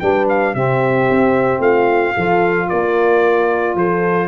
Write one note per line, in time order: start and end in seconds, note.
0.00 0.55 G3
0.00 0.54 D4
0.00 0.55 B4
0.00 0.27 G5
0.29 0.55 F5
0.54 1.08 C3
0.54 2.15 C4
0.54 1.61 G4
0.54 1.62 E5
1.11 1.59 C4
1.59 2.13 A3
1.59 2.14 F4
1.59 2.69 F5
2.14 2.71 F3
2.14 4.28 F4
2.14 2.68 A4
2.69 3.75 A#3
2.69 3.76 A#4
2.69 3.76 D5
3.75 4.28 F3
3.75 4.28 A4
3.75 4.28 C5